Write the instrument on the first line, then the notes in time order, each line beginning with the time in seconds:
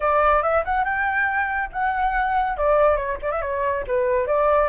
flute
0.00 D5
0.42 E5
0.64 F#5
0.84 G5
1.72 F#5
2.57 D5
2.96 C#5
3.22 D5
3.31 E5
3.41 C#5
3.87 B4
4.26 D5